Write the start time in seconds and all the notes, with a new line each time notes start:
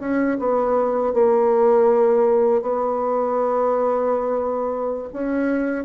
0.00 C#4
0.39 B3
1.14 A#3
2.62 B3
5.13 C#4